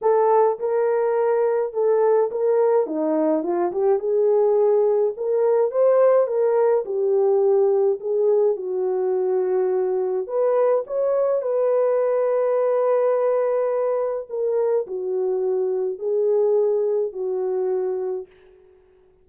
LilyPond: \new Staff \with { instrumentName = "horn" } { \time 4/4 \tempo 4 = 105 a'4 ais'2 a'4 | ais'4 dis'4 f'8 g'8 gis'4~ | gis'4 ais'4 c''4 ais'4 | g'2 gis'4 fis'4~ |
fis'2 b'4 cis''4 | b'1~ | b'4 ais'4 fis'2 | gis'2 fis'2 | }